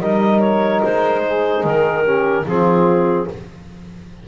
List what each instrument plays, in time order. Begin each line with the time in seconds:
0.00 double bass G3, trombone D#4, saxophone A#4, clarinet D#5
0.40 clarinet C#5
0.83 double bass G#3, clarinet C5
1.24 saxophone G#4
1.64 double bass D#3, clarinet A#4
2.04 trombone C#4, saxophone G4
2.45 double bass F3, trombone C4, saxophone F4, clarinet G#4